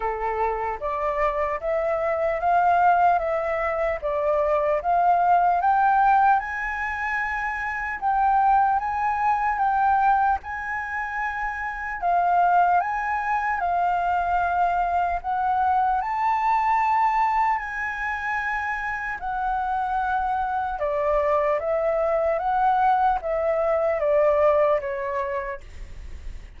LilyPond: \new Staff \with { instrumentName = "flute" } { \time 4/4 \tempo 4 = 75 a'4 d''4 e''4 f''4 | e''4 d''4 f''4 g''4 | gis''2 g''4 gis''4 | g''4 gis''2 f''4 |
gis''4 f''2 fis''4 | a''2 gis''2 | fis''2 d''4 e''4 | fis''4 e''4 d''4 cis''4 | }